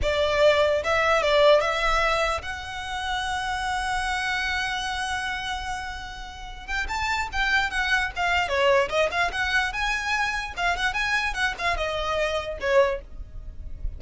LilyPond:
\new Staff \with { instrumentName = "violin" } { \time 4/4 \tempo 4 = 148 d''2 e''4 d''4 | e''2 fis''2~ | fis''1~ | fis''1~ |
fis''8 g''8 a''4 g''4 fis''4 | f''4 cis''4 dis''8 f''8 fis''4 | gis''2 f''8 fis''8 gis''4 | fis''8 f''8 dis''2 cis''4 | }